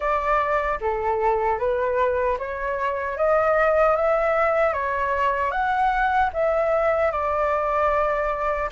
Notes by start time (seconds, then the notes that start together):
0.00 D5
0.81 A4
1.58 B4
2.38 C#5
3.17 D#5
3.95 E5
4.73 C#5
5.50 F#5
6.33 E5
7.11 D5